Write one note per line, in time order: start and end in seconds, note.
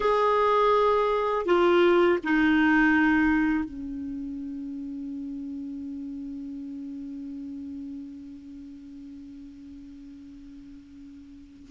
0.00 1.45 G#4
1.45 2.18 F4
2.23 3.64 D#4
3.64 11.69 C#4